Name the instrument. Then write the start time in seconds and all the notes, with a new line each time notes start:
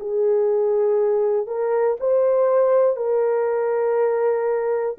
horn
0.00 G#4
1.47 A#4
2.00 C5
2.96 A#4